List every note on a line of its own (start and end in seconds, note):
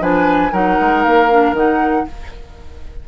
0.00 0.52 F3
0.00 0.51 D4
0.00 0.52 B4
0.00 0.54 G#5
0.52 0.78 F#3
0.52 1.29 D#4
0.52 2.06 A#4
0.52 1.03 F#5
0.80 1.05 G#3
1.03 1.53 A#3
1.03 1.54 F5
1.30 1.55 D4
1.53 2.04 D#3
1.53 2.07 D#4
1.53 2.08 F#5